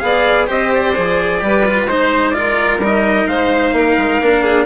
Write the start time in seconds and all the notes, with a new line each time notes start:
0.00 B3 G#4 D5 F5
0.47 C4 G4 C5 D#5
0.74 D5
0.95 F3 G#4
1.41 G3 G4 B4
1.66 F4
1.86 G#3 D#4 C5
2.31 F4 D5
2.37 A#4
2.79 G3 D#4
2.85 D#5
3.27 G#3 C5 F5
3.73 A#3 A#4
3.98 G#3
4.22 A#3 D4
4.43 G#4